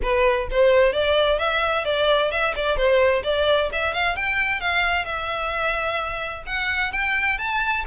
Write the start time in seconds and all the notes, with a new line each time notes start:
0.02 B4
0.51 C5
0.93 D5
1.38 E5
1.85 D5
2.31 E5
2.55 D5
2.77 C5
3.23 D5
3.72 E5
3.93 F5
4.16 G5
4.60 F5
5.05 E5
6.46 F#5
6.92 G5
7.38 A5